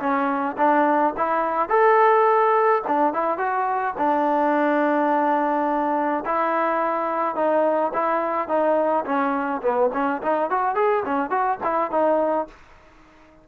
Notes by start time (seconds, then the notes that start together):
0.00 C#4
0.58 D4
1.17 E4
1.69 A4
2.88 D4
3.14 E4
3.38 F#4
3.98 D4
6.26 E4
7.36 D#4
7.94 E4
8.48 D#4
9.05 C#4
9.62 B3
9.94 C#4
10.23 D#4
10.51 F#4
10.75 G#4
11.06 C#4
11.31 F#4
11.64 E4
11.91 D#4